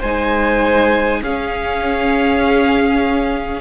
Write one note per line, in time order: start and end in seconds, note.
0.00 1.23 G#3
0.00 1.25 D#4
0.00 1.20 C5
0.00 1.22 G#5
1.22 3.62 C#4
1.22 3.62 G#4
1.22 3.62 F5